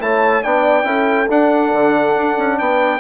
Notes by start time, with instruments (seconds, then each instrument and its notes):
0.00 bassoon A3, trombone E4, horn C#5, trumpet A5
0.43 bassoon B3, trombone D4, horn D5, trumpet G5
0.84 bassoon C#4, trombone E4, horn A4
1.30 bassoon D4, trombone D4, trumpet F#5
1.73 bassoon D3
2.17 bassoon D4
2.38 bassoon C#4
2.59 bassoon B3, horn B4, trumpet G5